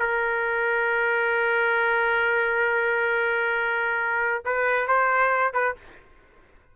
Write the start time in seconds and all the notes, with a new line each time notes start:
0.00 A#4
4.45 B4
4.88 C5
5.54 B4